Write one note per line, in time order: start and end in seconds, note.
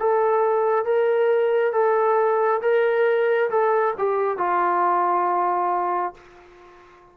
0.00 0.85 A4
0.85 1.73 A#4
1.73 2.61 A4
2.62 3.50 A#4
3.51 3.95 A4
3.98 4.38 G4
4.38 6.14 F4